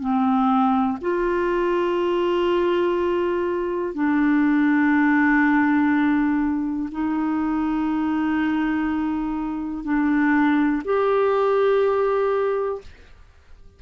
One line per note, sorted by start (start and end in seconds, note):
0.00 0.98 C4
1.01 3.94 F4
3.94 6.89 D4
6.92 9.84 D#4
9.84 10.82 D4
10.85 12.81 G4